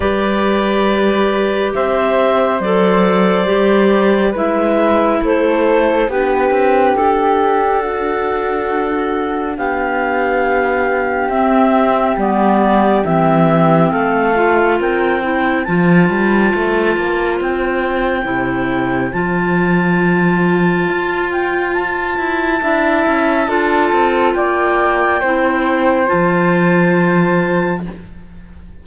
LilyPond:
<<
  \new Staff \with { instrumentName = "clarinet" } { \time 4/4 \tempo 4 = 69 d''2 e''4 d''4~ | d''4 e''4 c''4 b'4 | a'2. f''4~ | f''4 e''4 d''4 e''4 |
f''4 g''4 a''2 | g''2 a''2~ | a''8 g''8 a''2. | g''2 a''2 | }
  \new Staff \with { instrumentName = "flute" } { \time 4/4 b'2 c''2~ | c''4 b'4 a'4 g'4~ | g'4 fis'2 g'4~ | g'1 |
a'4 ais'8 c''2~ c''8~ | c''1~ | c''2 e''4 a'4 | d''4 c''2. | }
  \new Staff \with { instrumentName = "clarinet" } { \time 4/4 g'2. a'4 | g'4 e'2 d'4~ | d'1~ | d'4 c'4 b4 c'4~ |
c'8 f'4 e'8 f'2~ | f'4 e'4 f'2~ | f'2 e'4 f'4~ | f'4 e'4 f'2 | }
  \new Staff \with { instrumentName = "cello" } { \time 4/4 g2 c'4 fis4 | g4 gis4 a4 b8 c'8 | d'2. b4~ | b4 c'4 g4 e4 |
a4 c'4 f8 g8 a8 ais8 | c'4 c4 f2 | f'4. e'8 d'8 cis'8 d'8 c'8 | ais4 c'4 f2 | }
>>